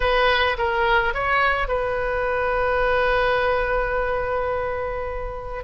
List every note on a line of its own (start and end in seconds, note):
0.00 0.57 B4
0.57 1.13 A#4
1.13 1.67 C#5
1.67 5.64 B4